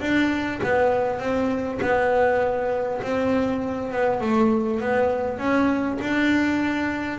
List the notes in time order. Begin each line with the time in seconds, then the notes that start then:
0.00 D4
0.63 B3
1.19 C4
1.81 B3
3.02 C4
3.92 B3
4.20 A3
4.80 B3
5.38 C#4
6.00 D4